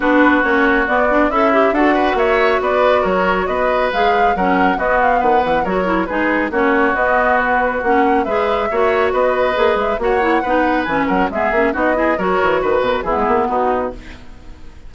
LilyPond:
<<
  \new Staff \with { instrumentName = "flute" } { \time 4/4 \tempo 4 = 138 b'4 cis''4 d''4 e''4 | fis''4 e''4 d''4 cis''4 | dis''4 f''4 fis''4 dis''8 f''8 | fis''4 cis''4 b'4 cis''4 |
dis''4 b'4 fis''4 e''4~ | e''4 dis''4. e''8 fis''4~ | fis''4 gis''8 fis''8 e''4 dis''4 | cis''4 b'8 ais'8 gis'4 fis'4 | }
  \new Staff \with { instrumentName = "oboe" } { \time 4/4 fis'2. e'4 | a'8 b'8 cis''4 b'4 ais'4 | b'2 ais'4 fis'4 | b'4 ais'4 gis'4 fis'4~ |
fis'2. b'4 | cis''4 b'2 cis''4 | b'4. ais'8 gis'4 fis'8 gis'8 | ais'4 b'4 e'4 dis'4 | }
  \new Staff \with { instrumentName = "clarinet" } { \time 4/4 d'4 cis'4 b8 d'8 a'8 g'8 | fis'1~ | fis'4 gis'4 cis'4 b4~ | b4 fis'8 e'8 dis'4 cis'4 |
b2 cis'4 gis'4 | fis'2 gis'4 fis'8 e'8 | dis'4 cis'4 b8 cis'8 dis'8 e'8 | fis'2 b2 | }
  \new Staff \with { instrumentName = "bassoon" } { \time 4/4 b4 ais4 b4 cis'4 | d'4 ais4 b4 fis4 | b4 gis4 fis4 b4 | dis8 e8 fis4 gis4 ais4 |
b2 ais4 gis4 | ais4 b4 ais8 gis8 ais4 | b4 e8 fis8 gis8 ais8 b4 | fis8 e8 dis8 b,8 e16 gis16 ais8 b4 | }
>>